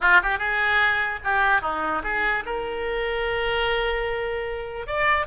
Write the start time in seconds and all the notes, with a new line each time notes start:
0.01 F4
0.22 G4
0.38 G#4
1.24 G4
1.61 D#4
2.03 G#4
2.45 A#4
4.86 D5